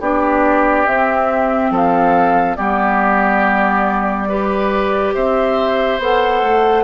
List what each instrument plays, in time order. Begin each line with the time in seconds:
0.00 bassoon B3, clarinet D4, oboe G4, flute D5
0.86 clarinet C4, bassoon C4, flute E5
1.71 bassoon F3, oboe A4, flute F5
2.56 bassoon G3, clarinet B3, oboe G4, flute D5
4.29 clarinet G4, oboe B4
5.14 bassoon C4, oboe C5, flute E5
5.99 bassoon B3, clarinet A4, flute F#5
6.42 bassoon A3